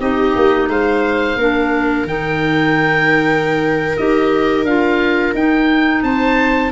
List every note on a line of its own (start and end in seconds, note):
0.00 0.35 C4
0.00 1.38 D#4
0.00 0.70 G4
0.00 0.70 D#5
0.36 0.69 A#3
0.69 1.36 G#3
0.69 1.39 C5
0.69 2.08 F5
1.36 2.04 A#3
1.36 2.08 D4
1.36 6.04 A#4
2.04 3.94 D#3
2.04 3.97 D#4
2.04 3.97 G5
3.97 4.64 D#4
3.97 4.67 G4
3.97 4.66 D#5
4.64 5.33 D4
4.64 5.36 F4
4.64 5.35 F5
5.35 6.03 D#4
5.35 6.72 D#4
5.35 6.03 G5
6.03 6.72 C4
6.03 6.72 C5
6.03 6.72 A5